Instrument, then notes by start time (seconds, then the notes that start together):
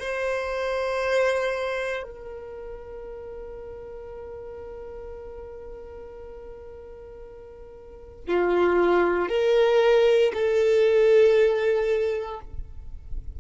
violin
0.00 C5
2.03 A#4
8.28 F4
9.29 A#4
10.34 A4